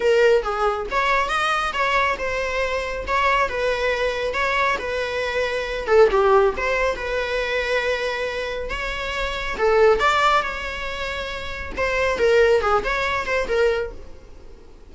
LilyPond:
\new Staff \with { instrumentName = "viola" } { \time 4/4 \tempo 4 = 138 ais'4 gis'4 cis''4 dis''4 | cis''4 c''2 cis''4 | b'2 cis''4 b'4~ | b'4. a'8 g'4 c''4 |
b'1 | cis''2 a'4 d''4 | cis''2. c''4 | ais'4 gis'8 cis''4 c''8 ais'4 | }